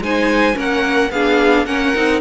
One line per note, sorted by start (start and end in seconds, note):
0.00 0.55 G#3
0.00 0.53 D#4
0.00 0.56 C5
0.00 0.58 G#5
0.53 1.10 A#3
0.53 1.08 C#4
0.53 1.11 A#4
0.60 1.11 F#5
1.10 1.65 B3
1.10 1.66 D4
1.10 1.66 G#4
1.10 1.65 F5
1.65 1.93 A#3
1.65 1.94 C#4
1.65 2.21 A#4
1.65 2.20 F#5
1.94 2.21 C4
1.94 2.21 D#4